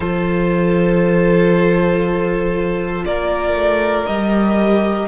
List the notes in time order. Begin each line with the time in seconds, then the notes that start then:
0.00 F3 F4 A4 C5
3.05 A#3 A#4 D5
3.54 A3
4.06 G3 G4 D#5